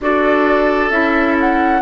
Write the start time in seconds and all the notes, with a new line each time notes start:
0.00 D4 F#4 A4 D5
0.90 C#4 E4 E5
1.40 F#5